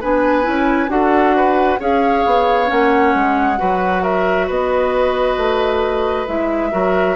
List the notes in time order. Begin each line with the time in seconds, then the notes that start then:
0.00 B3 D4 B4 G#5
0.43 C#4 E4
0.88 D4 F#4 A4 F#5
1.36 B4
1.79 C#4 G#4 C#5 F5
2.25 B3
2.66 A#3 C#4 F#5
3.14 G#3
3.57 F#3 F#4 B4
4.02 A#4 E5
4.46 B3 B4 D#5
5.37 A3
6.27 G#3 E4 E5
6.71 F#3 F#4 A#4